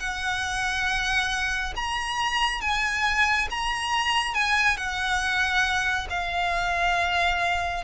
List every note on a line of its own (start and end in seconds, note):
0.00 1.74 F#5
1.76 2.62 A#5
2.62 3.49 G#5
3.51 4.35 A#5
4.35 4.77 G#5
4.77 6.08 F#5
6.10 7.84 F5